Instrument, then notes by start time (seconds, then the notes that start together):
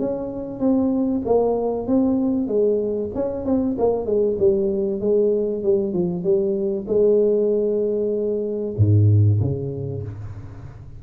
tuba
0.00 C#4
0.60 C4
1.26 A#3
1.88 C4
2.48 G#3
3.15 C#4
3.46 C4
3.79 A#3
4.06 G#3
4.39 G3
5.01 G#3
5.64 G3
5.94 F3
6.24 G3
6.88 G#3
8.78 G#2
9.41 C#3